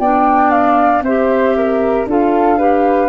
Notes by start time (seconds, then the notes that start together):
0.00 B3 D4 D5 G5
0.51 F5
1.02 C4 G4 C5 E5
1.57 A#4
2.07 D4 F4 A4 F5
2.59 G4 B4